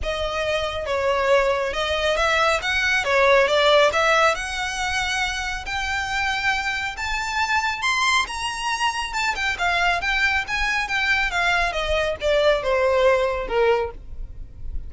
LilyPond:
\new Staff \with { instrumentName = "violin" } { \time 4/4 \tempo 4 = 138 dis''2 cis''2 | dis''4 e''4 fis''4 cis''4 | d''4 e''4 fis''2~ | fis''4 g''2. |
a''2 c'''4 ais''4~ | ais''4 a''8 g''8 f''4 g''4 | gis''4 g''4 f''4 dis''4 | d''4 c''2 ais'4 | }